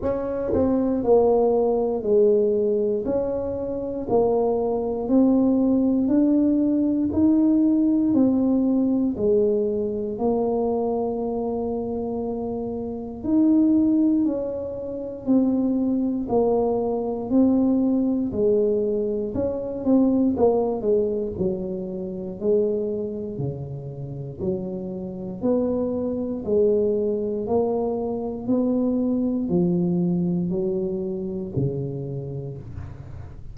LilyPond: \new Staff \with { instrumentName = "tuba" } { \time 4/4 \tempo 4 = 59 cis'8 c'8 ais4 gis4 cis'4 | ais4 c'4 d'4 dis'4 | c'4 gis4 ais2~ | ais4 dis'4 cis'4 c'4 |
ais4 c'4 gis4 cis'8 c'8 | ais8 gis8 fis4 gis4 cis4 | fis4 b4 gis4 ais4 | b4 f4 fis4 cis4 | }